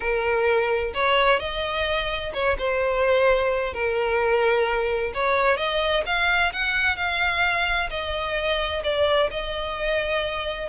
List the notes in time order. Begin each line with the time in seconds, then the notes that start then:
0.00 A#4
0.93 C#5
1.39 D#5
2.33 C#5
2.58 C5
3.73 A#4
5.14 C#5
5.57 D#5
6.05 F5
6.52 F#5
6.96 F5
7.89 D#5
8.83 D5
9.30 D#5